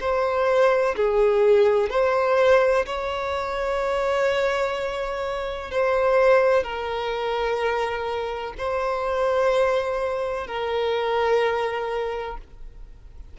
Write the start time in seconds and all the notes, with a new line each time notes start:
0.00 C5
0.96 G#4
1.90 C5
2.85 C#5
5.71 C5
6.63 A#4
8.58 C5
10.47 A#4